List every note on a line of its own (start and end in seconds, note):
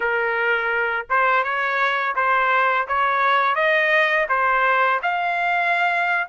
0.00 1.06 A#4
1.09 1.43 C5
1.43 2.15 C#5
2.15 2.87 C5
2.87 3.55 C#5
3.55 4.26 D#5
4.29 5.00 C5
5.02 6.27 F5